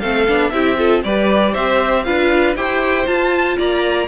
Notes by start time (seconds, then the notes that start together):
0.00 A3 C4 A4 F5
0.28 B3 D4
0.50 C4 E4 G4 E5
0.77 F4 A4
1.04 G3 G4 B4 D5
1.53 C4 C5 E5
2.04 D4 F4 B4 F5
2.56 E4 G4 C5 G5
3.06 F4 A5
3.58 A#3 D5 A#5